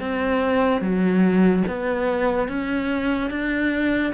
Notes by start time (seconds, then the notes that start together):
0.00 C4
0.81 F#3
1.68 B3
2.48 C#4
3.31 D4